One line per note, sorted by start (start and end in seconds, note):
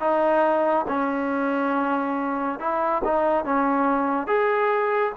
0.00 0.86 D#4
0.88 2.59 C#4
2.59 3.02 E4
3.04 3.45 D#4
3.45 4.27 C#4
4.27 5.13 G#4